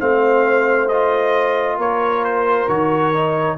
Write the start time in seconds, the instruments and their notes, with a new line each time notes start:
0.00 tuba A3, trombone C4, horn C5, trumpet F5
0.89 trombone F4, trumpet D#5
1.78 tuba A#3, horn A#4, trumpet C#5
2.25 trumpet C5
2.68 tuba D#3, trombone F#4, trumpet C#5
3.14 trombone D#4